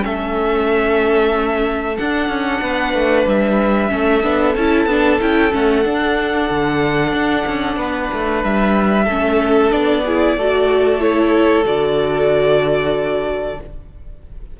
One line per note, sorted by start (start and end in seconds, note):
0.00 1.98 A3
0.00 1.94 C#4
0.00 1.97 E5
0.06 2.63 A4
1.97 2.28 D4
1.97 3.88 D4
1.97 3.26 F#5
2.28 2.60 C#4
2.62 2.94 B3
2.62 3.91 B4
2.94 3.26 A3
3.27 3.91 G3
3.27 4.55 E5
3.88 4.24 A3
3.88 4.21 C#4
3.88 7.78 A4
4.23 4.55 B3
4.23 4.55 D4
4.55 4.86 C#4
4.55 4.89 E4
4.55 5.20 A5
4.86 5.18 B3
4.86 5.20 D4
5.20 5.53 C#4
5.20 5.51 E4
5.20 5.53 G5
5.51 5.85 A3
5.51 5.83 C#4
5.51 8.44 F#5
5.84 9.06 D4
5.84 6.49 D4
6.50 7.13 D3
7.13 7.45 D4
7.47 7.76 C#4
7.76 8.09 B3
7.76 9.05 B4
8.13 8.44 A3
8.44 9.07 G3
8.44 9.71 E5
9.05 9.71 A3
9.05 9.71 C#4
9.05 10.01 A4
9.71 10.37 B3
9.71 10.03 D4
9.71 11.00 D5
10.05 10.39 E4
10.05 10.37 G#4
10.37 11.65 A3
10.37 10.99 F#4
10.37 13.60 A4
10.99 11.64 E4
10.99 11.65 C#5
11.65 13.58 D3
11.65 13.58 F#4
11.65 13.59 D5